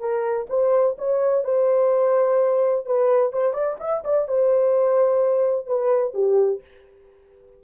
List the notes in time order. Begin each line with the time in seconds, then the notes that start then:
0.00 A#4
0.50 C5
0.99 C#5
1.45 C5
2.86 B4
3.33 C5
3.54 D5
3.80 E5
4.05 D5
4.28 C5
5.67 B4
6.14 G4